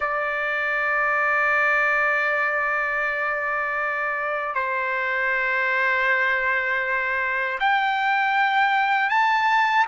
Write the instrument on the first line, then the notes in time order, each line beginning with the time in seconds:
trumpet
0.00 D5
4.54 C5
7.59 G5
9.09 A5